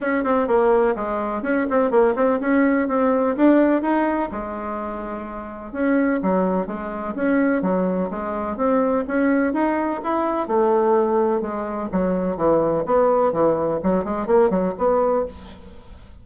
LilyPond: \new Staff \with { instrumentName = "bassoon" } { \time 4/4 \tempo 4 = 126 cis'8 c'8 ais4 gis4 cis'8 c'8 | ais8 c'8 cis'4 c'4 d'4 | dis'4 gis2. | cis'4 fis4 gis4 cis'4 |
fis4 gis4 c'4 cis'4 | dis'4 e'4 a2 | gis4 fis4 e4 b4 | e4 fis8 gis8 ais8 fis8 b4 | }